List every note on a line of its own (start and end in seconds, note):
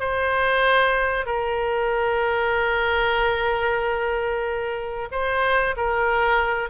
0.00 1.26 C5
1.26 5.09 A#4
5.12 5.76 C5
5.77 6.70 A#4